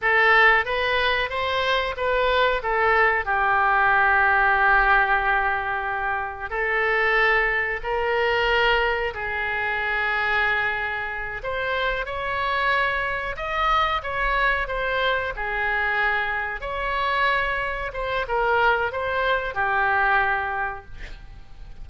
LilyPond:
\new Staff \with { instrumentName = "oboe" } { \time 4/4 \tempo 4 = 92 a'4 b'4 c''4 b'4 | a'4 g'2.~ | g'2 a'2 | ais'2 gis'2~ |
gis'4. c''4 cis''4.~ | cis''8 dis''4 cis''4 c''4 gis'8~ | gis'4. cis''2 c''8 | ais'4 c''4 g'2 | }